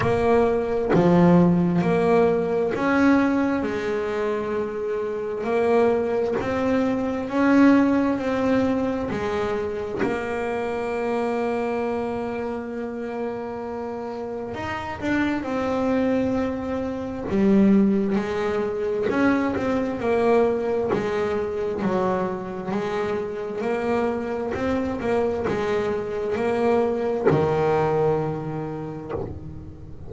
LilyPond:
\new Staff \with { instrumentName = "double bass" } { \time 4/4 \tempo 4 = 66 ais4 f4 ais4 cis'4 | gis2 ais4 c'4 | cis'4 c'4 gis4 ais4~ | ais1 |
dis'8 d'8 c'2 g4 | gis4 cis'8 c'8 ais4 gis4 | fis4 gis4 ais4 c'8 ais8 | gis4 ais4 dis2 | }